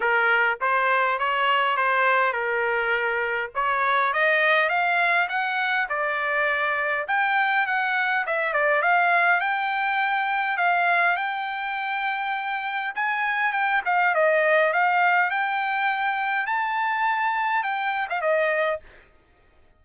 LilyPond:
\new Staff \with { instrumentName = "trumpet" } { \time 4/4 \tempo 4 = 102 ais'4 c''4 cis''4 c''4 | ais'2 cis''4 dis''4 | f''4 fis''4 d''2 | g''4 fis''4 e''8 d''8 f''4 |
g''2 f''4 g''4~ | g''2 gis''4 g''8 f''8 | dis''4 f''4 g''2 | a''2 g''8. f''16 dis''4 | }